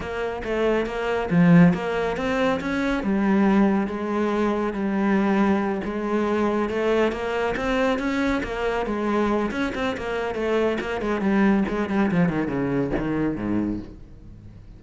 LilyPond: \new Staff \with { instrumentName = "cello" } { \time 4/4 \tempo 4 = 139 ais4 a4 ais4 f4 | ais4 c'4 cis'4 g4~ | g4 gis2 g4~ | g4. gis2 a8~ |
a8 ais4 c'4 cis'4 ais8~ | ais8 gis4. cis'8 c'8 ais4 | a4 ais8 gis8 g4 gis8 g8 | f8 dis8 cis4 dis4 gis,4 | }